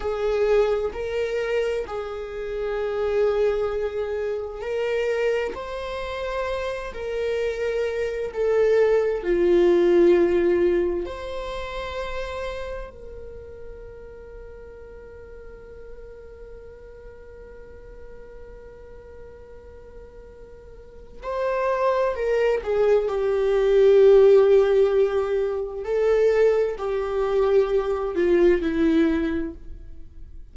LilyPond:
\new Staff \with { instrumentName = "viola" } { \time 4/4 \tempo 4 = 65 gis'4 ais'4 gis'2~ | gis'4 ais'4 c''4. ais'8~ | ais'4 a'4 f'2 | c''2 ais'2~ |
ais'1~ | ais'2. c''4 | ais'8 gis'8 g'2. | a'4 g'4. f'8 e'4 | }